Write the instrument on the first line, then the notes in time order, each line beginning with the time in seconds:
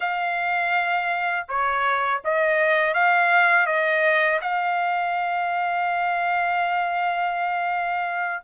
trumpet
0.00 F5
1.48 C#5
2.24 D#5
2.94 F5
3.66 D#5
4.41 F5